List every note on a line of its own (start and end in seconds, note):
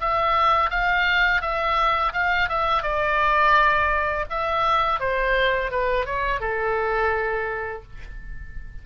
0.00 0.70 E5
0.70 1.41 F5
1.41 2.13 E5
2.13 2.49 F5
2.49 2.83 E5
2.83 4.26 D5
4.30 5.00 E5
5.00 5.71 C5
5.71 6.06 B4
6.06 6.40 C#5
6.40 7.83 A4